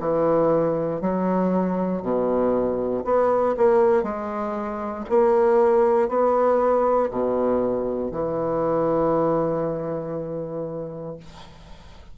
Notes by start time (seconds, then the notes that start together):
0.00 E3
1.01 F#3
2.02 B2
3.05 B3
3.57 A#3
4.03 G#3
5.10 A#3
6.09 B3
7.11 B2
8.12 E3